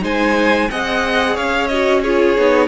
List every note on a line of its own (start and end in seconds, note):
0.00 0.69 G#3
0.00 0.67 D#4
0.00 0.69 C5
0.00 0.70 G#5
0.70 1.37 C4
0.70 1.71 G#4
0.70 1.34 D#5
0.70 1.36 F#5
1.34 2.37 C#4
1.34 2.01 C#5
1.34 1.67 F5
1.67 2.04 F#4
1.67 2.00 D#5
2.02 2.37 F4
2.02 2.68 G#4
2.02 2.68 C#5
2.37 2.68 B3
2.37 2.68 D#4